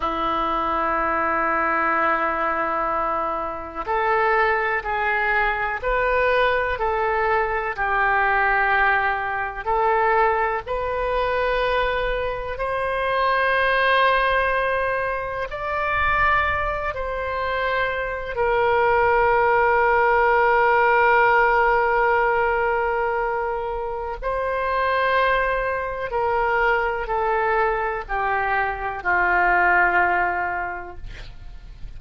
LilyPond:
\new Staff \with { instrumentName = "oboe" } { \time 4/4 \tempo 4 = 62 e'1 | a'4 gis'4 b'4 a'4 | g'2 a'4 b'4~ | b'4 c''2. |
d''4. c''4. ais'4~ | ais'1~ | ais'4 c''2 ais'4 | a'4 g'4 f'2 | }